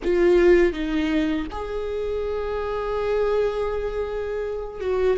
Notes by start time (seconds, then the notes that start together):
0.03 F4
0.72 D#4
1.51 G#4
4.80 F#4